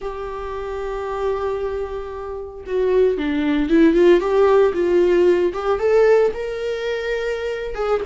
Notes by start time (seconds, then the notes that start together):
0.01 G4
2.66 F#4
3.17 D4
3.69 E4
3.94 F4
4.20 G4
4.73 F4
5.53 G4
5.79 A4
6.33 A#4
7.74 G#4